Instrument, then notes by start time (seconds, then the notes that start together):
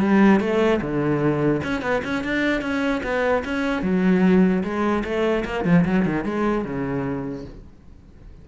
cello
0.00 G3
0.40 A3
0.81 D3
1.63 C#4
1.82 B3
2.04 C#4
2.24 D4
2.61 C#4
3.03 B3
3.44 C#4
3.82 F#3
4.63 G#3
5.04 A3
5.45 A#3
5.64 F3
5.85 F#3
6.05 D#3
6.24 G#3
6.64 C#3